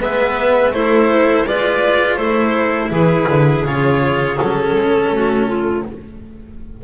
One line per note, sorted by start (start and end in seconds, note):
0.00 0.72 G#3
0.00 0.73 B3
0.00 0.74 B4
0.00 0.74 E5
0.72 1.45 A3
0.72 1.47 E4
0.72 1.47 A4
0.72 1.46 C5
1.46 2.17 G#3
1.46 2.20 F4
1.46 2.17 B4
1.46 2.16 D5
2.16 2.90 A3
2.16 3.66 E4
2.16 2.90 A4
2.16 2.89 C5
2.90 3.27 E3
2.90 5.10 G#4
2.90 3.65 B4
3.29 3.65 D3
3.65 4.38 C#3
3.65 4.37 F4
3.65 4.38 C#5
4.37 4.75 F#3
4.37 5.83 C#4
4.37 5.84 A4
4.75 5.10 G#3
5.10 5.84 A3
5.10 5.47 F#4
5.47 5.84 F4